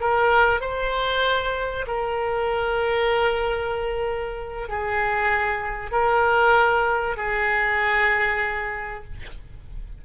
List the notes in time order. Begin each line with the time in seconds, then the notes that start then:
0.00 A#4
0.61 C5
1.87 A#4
4.68 G#4
5.91 A#4
7.16 G#4